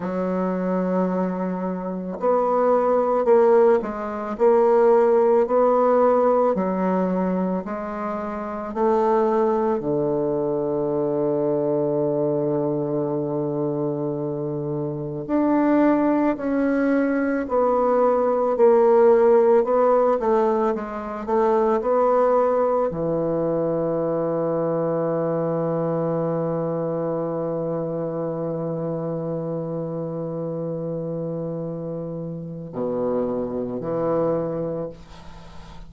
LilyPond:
\new Staff \with { instrumentName = "bassoon" } { \time 4/4 \tempo 4 = 55 fis2 b4 ais8 gis8 | ais4 b4 fis4 gis4 | a4 d2.~ | d2 d'4 cis'4 |
b4 ais4 b8 a8 gis8 a8 | b4 e2.~ | e1~ | e2 b,4 e4 | }